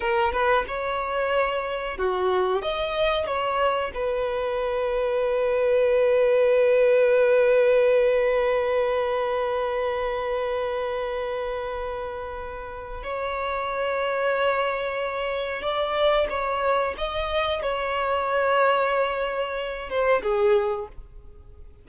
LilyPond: \new Staff \with { instrumentName = "violin" } { \time 4/4 \tempo 4 = 92 ais'8 b'8 cis''2 fis'4 | dis''4 cis''4 b'2~ | b'1~ | b'1~ |
b'1 | cis''1 | d''4 cis''4 dis''4 cis''4~ | cis''2~ cis''8 c''8 gis'4 | }